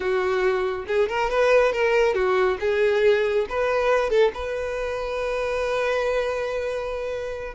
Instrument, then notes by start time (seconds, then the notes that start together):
violin
0.00 F#4
0.87 G#4
1.08 A#4
1.30 B4
1.72 A#4
2.14 F#4
2.60 G#4
3.49 B4
4.10 A4
4.34 B4